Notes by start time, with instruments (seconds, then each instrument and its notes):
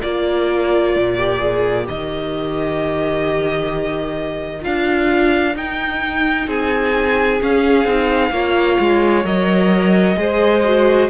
0.00 cello A#3, viola F4, violin A#4 D5
0.96 cello A#2
1.18 viola G4
1.39 viola G#4
1.84 cello D#3, viola G4, violin D#5
4.61 cello D4, viola F4, violin F5
5.55 cello D#4, viola D#4, violin G5
6.47 cello C4, violin G#4 G#5
7.40 viola C#4, cello C#4, violin F5
7.84 cello C4, viola D#4
8.31 cello A#3, viola F4, violin C#5
8.80 cello G#3
9.24 cello F#3, viola A#4, violin D#5
10.17 cello G#3, viola G#4, violin C5
10.64 viola F#4